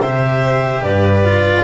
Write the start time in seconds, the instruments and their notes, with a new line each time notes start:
0.00 double bass C3, cello G4, violin C5, clarinet E5
0.82 double bass G2, violin B4, clarinet D5
1.25 cello F4